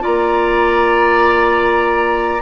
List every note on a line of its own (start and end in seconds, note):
0.00 2.42 A#3
0.00 2.40 F4
0.00 2.42 D5
0.00 2.42 A#5